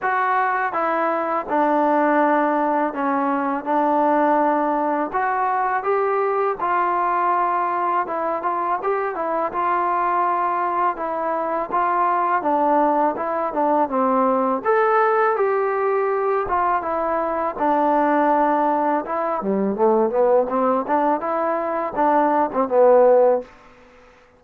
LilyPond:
\new Staff \with { instrumentName = "trombone" } { \time 4/4 \tempo 4 = 82 fis'4 e'4 d'2 | cis'4 d'2 fis'4 | g'4 f'2 e'8 f'8 | g'8 e'8 f'2 e'4 |
f'4 d'4 e'8 d'8 c'4 | a'4 g'4. f'8 e'4 | d'2 e'8 g8 a8 b8 | c'8 d'8 e'4 d'8. c'16 b4 | }